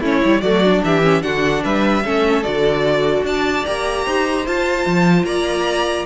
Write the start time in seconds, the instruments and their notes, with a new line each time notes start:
0.00 cello A3, viola C#4, violin E4 C#5
0.24 cello G3, viola E4
0.41 cello F#3, viola A3, violin F#4 D5
0.64 viola D4
0.83 cello E3, violin G4 E5
1.02 viola C#4
1.21 cello D3, viola D4, violin F#4 F#5
1.63 cello G3, violin B4 E5
2.04 cello A3, viola C#4, violin A4
2.43 cello D3, viola F#4, violin D5
3.22 cello D4, violin D5 A5
3.65 cello A#3, viola G4, violin A#5
4.05 cello D#4, violin C5
4.46 cello F4, viola F4, violin A5
4.86 cello F3
5.23 cello A#3, violin D5 A#5